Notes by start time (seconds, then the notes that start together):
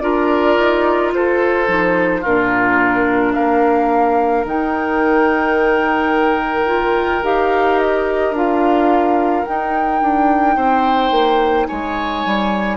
0.00 D4 F4 A#4 D5
0.59 D#4
1.14 F4 A4 C5
1.66 F3 D#4
2.21 A#2 D4 F4 A#4
3.34 A#3 A#4 F5
4.44 D#3 D#4 G5
6.66 F4
7.23 D#4 G4 F5
7.79 D#5
8.31 D4 F4 F5
9.45 D#4 G5
10.01 D4
10.56 C4 C5
11.11 A#3
11.66 G#3 C#5 G#5
12.25 G3